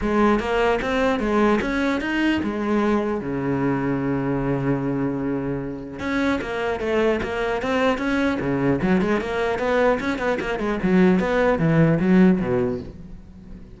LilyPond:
\new Staff \with { instrumentName = "cello" } { \time 4/4 \tempo 4 = 150 gis4 ais4 c'4 gis4 | cis'4 dis'4 gis2 | cis1~ | cis2. cis'4 |
ais4 a4 ais4 c'4 | cis'4 cis4 fis8 gis8 ais4 | b4 cis'8 b8 ais8 gis8 fis4 | b4 e4 fis4 b,4 | }